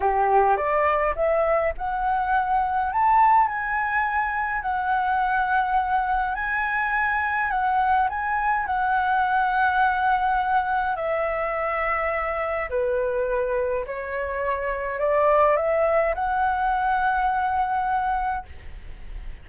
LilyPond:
\new Staff \with { instrumentName = "flute" } { \time 4/4 \tempo 4 = 104 g'4 d''4 e''4 fis''4~ | fis''4 a''4 gis''2 | fis''2. gis''4~ | gis''4 fis''4 gis''4 fis''4~ |
fis''2. e''4~ | e''2 b'2 | cis''2 d''4 e''4 | fis''1 | }